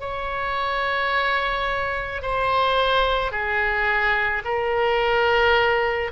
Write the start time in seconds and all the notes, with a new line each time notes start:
0.00 C#5
2.22 C5
3.31 G#4
4.44 A#4